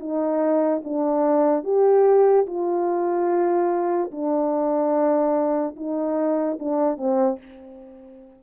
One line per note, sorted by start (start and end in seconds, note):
0.00 0.82 D#4
0.84 1.64 D4
1.64 2.46 G4
2.47 4.11 F4
4.12 5.76 D4
5.76 6.58 D#4
6.60 6.98 D4
6.98 7.39 C4